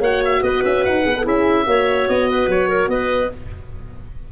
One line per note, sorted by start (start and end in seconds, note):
0.00 0.41 A#3
0.00 1.04 F#4
0.00 0.42 C#5
0.00 0.24 F#5
0.25 0.43 E5
0.43 0.63 B3
0.43 1.23 B4
0.43 0.63 D#5
0.64 0.85 C#4
0.64 0.85 E5
0.85 1.06 D#4
0.85 1.26 F#5
1.04 1.26 B3
1.04 1.14 G#4
1.17 1.25 A4
1.23 1.67 C#4
1.23 1.65 E4
1.23 1.64 G#4
1.23 2.08 E5
1.64 2.08 A#3
1.64 3.29 F#4
1.64 2.30 C#5
2.08 2.48 B3
2.08 2.49 D#5
2.30 2.69 B4
2.48 2.88 F#3
2.48 2.90 C#5
2.69 2.89 A#4
2.88 3.29 B3
2.88 3.32 B4
2.88 3.31 D#5